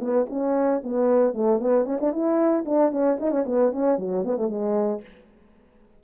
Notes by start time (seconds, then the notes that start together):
0.00 B3
0.29 C#4
0.83 B3
1.34 A3
1.60 B3
1.85 C#4
2.00 D4
2.12 E4
2.65 D4
2.91 C#4
3.20 D#4
3.31 C#4
3.46 B3
3.72 C#4
3.98 F#3
4.24 B3
4.37 A3
4.49 G#3